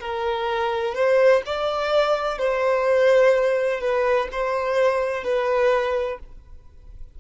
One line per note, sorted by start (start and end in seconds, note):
0.00 0.95 A#4
0.95 1.42 C5
1.46 2.38 D5
2.38 3.81 C5
3.81 4.28 B4
4.32 5.24 C5
5.24 6.19 B4